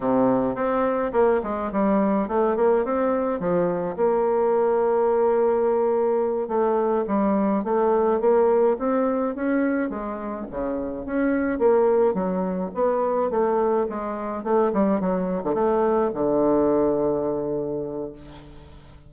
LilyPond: \new Staff \with { instrumentName = "bassoon" } { \time 4/4 \tempo 4 = 106 c4 c'4 ais8 gis8 g4 | a8 ais8 c'4 f4 ais4~ | ais2.~ ais8 a8~ | a8 g4 a4 ais4 c'8~ |
c'8 cis'4 gis4 cis4 cis'8~ | cis'8 ais4 fis4 b4 a8~ | a8 gis4 a8 g8 fis8. d16 a8~ | a8 d2.~ d8 | }